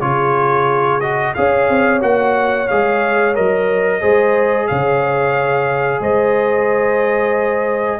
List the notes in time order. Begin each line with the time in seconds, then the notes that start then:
0.00 C#3 F4 G#4 C#5
1.00 F#4 D#5
1.34 C#4 G#4 C#5 F5
1.69 C4
2.00 A#3 F#4 F#5
2.68 G#3 G#4 F5
3.34 F#3 A#4 D#5
4.00 G#3 G#4 C5
4.67 C#3 C#5 F5
6.00 G#3 C5 D#5